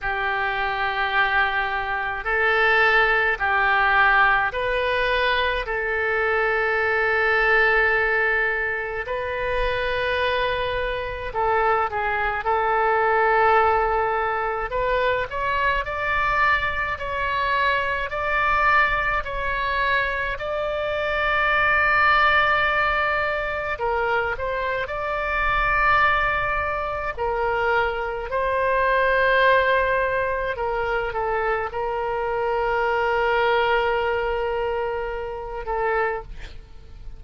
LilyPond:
\new Staff \with { instrumentName = "oboe" } { \time 4/4 \tempo 4 = 53 g'2 a'4 g'4 | b'4 a'2. | b'2 a'8 gis'8 a'4~ | a'4 b'8 cis''8 d''4 cis''4 |
d''4 cis''4 d''2~ | d''4 ais'8 c''8 d''2 | ais'4 c''2 ais'8 a'8 | ais'2.~ ais'8 a'8 | }